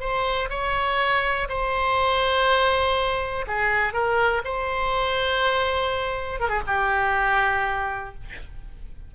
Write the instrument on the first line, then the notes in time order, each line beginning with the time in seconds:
oboe
0.00 C5
0.49 C#5
1.49 C5
3.47 G#4
3.93 A#4
4.44 C5
6.40 A#4
6.49 G#4
6.67 G4